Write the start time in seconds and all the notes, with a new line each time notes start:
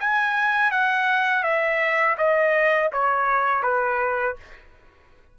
0.00 G#5
0.71 F#5
1.43 E5
2.17 D#5
2.92 C#5
3.63 B4